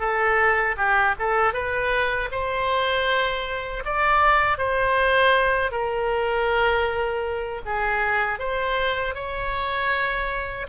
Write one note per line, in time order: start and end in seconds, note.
0.00 0.76 A4
0.77 1.15 G4
1.19 1.54 A4
1.54 2.30 B4
2.32 3.84 C5
3.85 4.58 D5
4.58 5.72 C5
5.72 7.62 A#4
7.66 8.40 G#4
8.40 9.15 C5
9.15 10.67 C#5